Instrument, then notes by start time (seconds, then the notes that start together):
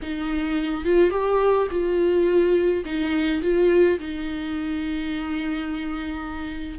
viola
0.02 D#4
0.84 F4
1.10 G4
1.70 F4
2.85 D#4
3.42 F4
3.99 D#4